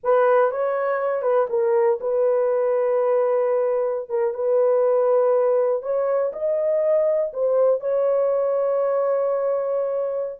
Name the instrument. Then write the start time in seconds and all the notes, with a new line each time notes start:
horn
0.03 B4
0.51 C#5
1.21 B4
1.49 A#4
2.00 B4
4.09 A#4
4.34 B4
5.82 C#5
6.32 D#5
7.33 C5
7.80 C#5